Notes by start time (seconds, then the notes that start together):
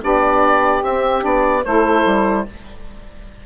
0.00 B3 D4 G4 D5
0.82 C4 E5
1.20 B3 D4 D5
1.64 A3 E4 A4 C5
2.05 G3